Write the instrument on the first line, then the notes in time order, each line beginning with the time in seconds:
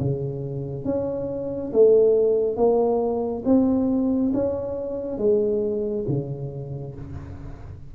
tuba
0.00 C#3
0.85 C#4
1.72 A3
2.56 A#3
3.45 C4
4.34 C#4
5.18 G#3
6.08 C#3